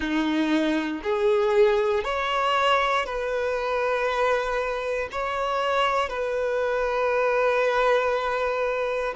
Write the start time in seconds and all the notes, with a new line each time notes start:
0.00 D#4
1.03 G#4
2.03 C#5
3.05 B4
5.11 C#5
6.09 B4